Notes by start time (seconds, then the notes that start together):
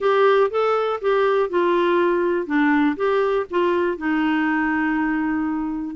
0.00 G4
0.50 A4
1.01 G4
1.49 F4
2.46 D4
2.96 G4
3.50 F4
3.97 D#4